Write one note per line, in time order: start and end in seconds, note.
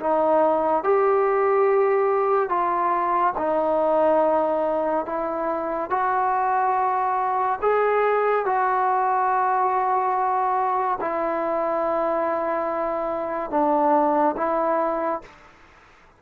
0.00 0.84 D#4
0.84 2.50 G4
2.50 3.34 F4
3.38 5.06 D#4
5.06 5.90 E4
5.90 7.59 F#4
7.62 8.46 G#4
8.46 10.99 F#4
11.01 13.51 E4
13.51 14.35 D4
14.37 15.22 E4